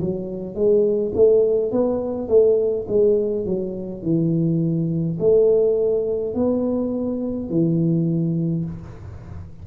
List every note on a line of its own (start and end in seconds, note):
0.00 0.55 F#3
0.55 1.12 G#3
1.14 1.71 A3
1.71 2.28 B3
2.28 2.85 A3
2.87 3.45 G#3
3.45 4.02 F#3
4.02 5.17 E3
5.19 6.34 A3
6.34 7.49 B3
7.49 8.64 E3